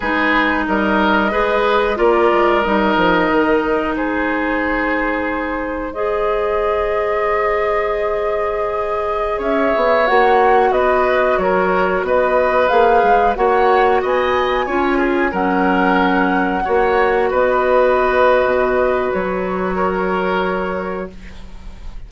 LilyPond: <<
  \new Staff \with { instrumentName = "flute" } { \time 4/4 \tempo 4 = 91 b'4 dis''2 d''4 | dis''2 c''2~ | c''4 dis''2.~ | dis''2~ dis''16 e''4 fis''8.~ |
fis''16 dis''4 cis''4 dis''4 f''8.~ | f''16 fis''4 gis''2 fis''8.~ | fis''2~ fis''16 dis''4.~ dis''16~ | dis''4 cis''2. | }
  \new Staff \with { instrumentName = "oboe" } { \time 4/4 gis'4 ais'4 b'4 ais'4~ | ais'2 gis'2~ | gis'4 c''2.~ | c''2~ c''16 cis''4.~ cis''16~ |
cis''16 b'4 ais'4 b'4.~ b'16~ | b'16 cis''4 dis''4 cis''8 gis'8 ais'8.~ | ais'4~ ais'16 cis''4 b'4.~ b'16~ | b'2 ais'2 | }
  \new Staff \with { instrumentName = "clarinet" } { \time 4/4 dis'2 gis'4 f'4 | dis'1~ | dis'4 gis'2.~ | gis'2.~ gis'16 fis'8.~ |
fis'2.~ fis'16 gis'8.~ | gis'16 fis'2 f'4 cis'8.~ | cis'4~ cis'16 fis'2~ fis'8.~ | fis'1 | }
  \new Staff \with { instrumentName = "bassoon" } { \time 4/4 gis4 g4 gis4 ais8 gis8 | g8 f8 dis4 gis2~ | gis1~ | gis2~ gis16 cis'8 b8 ais8.~ |
ais16 b4 fis4 b4 ais8 gis16~ | gis16 ais4 b4 cis'4 fis8.~ | fis4~ fis16 ais4 b4.~ b16 | b,4 fis2. | }
>>